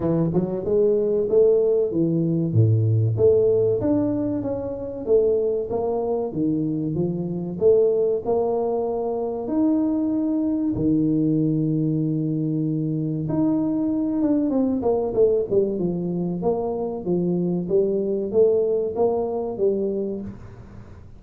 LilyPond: \new Staff \with { instrumentName = "tuba" } { \time 4/4 \tempo 4 = 95 e8 fis8 gis4 a4 e4 | a,4 a4 d'4 cis'4 | a4 ais4 dis4 f4 | a4 ais2 dis'4~ |
dis'4 dis2.~ | dis4 dis'4. d'8 c'8 ais8 | a8 g8 f4 ais4 f4 | g4 a4 ais4 g4 | }